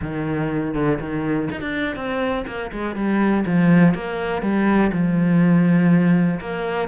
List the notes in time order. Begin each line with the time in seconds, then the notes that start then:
0.01 D#3
0.74 D3
0.99 D#3
1.51 D#4
1.61 D4
1.96 C4
2.46 A#3
2.71 G#3
2.95 G3
3.46 F3
3.94 A#3
4.42 G3
4.92 F3
6.40 A#3